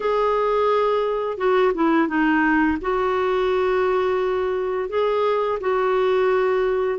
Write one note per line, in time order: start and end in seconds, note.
0.00 1.37 G#4
1.37 1.72 F#4
1.74 2.07 E4
2.07 2.77 D#4
2.81 4.89 F#4
4.89 5.58 G#4
5.60 6.99 F#4